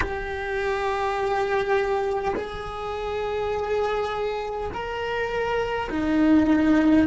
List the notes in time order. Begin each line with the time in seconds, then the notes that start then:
0.00 G4
2.35 G#4
4.73 A#4
5.90 D#4